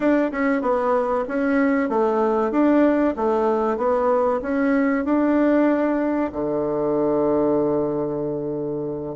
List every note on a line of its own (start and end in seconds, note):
0.00 0.30 D4
0.31 0.61 C#4
0.61 1.24 B3
1.28 1.89 C#4
1.89 2.51 A3
2.51 3.14 D4
3.16 3.77 A3
3.77 4.40 B3
4.42 5.04 C#4
5.04 6.31 D4
6.32 9.15 D3